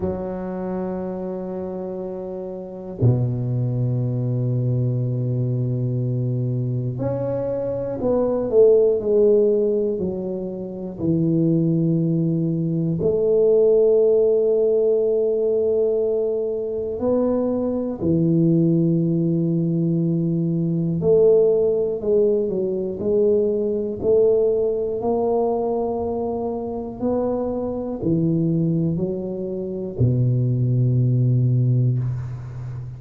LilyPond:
\new Staff \with { instrumentName = "tuba" } { \time 4/4 \tempo 4 = 60 fis2. b,4~ | b,2. cis'4 | b8 a8 gis4 fis4 e4~ | e4 a2.~ |
a4 b4 e2~ | e4 a4 gis8 fis8 gis4 | a4 ais2 b4 | e4 fis4 b,2 | }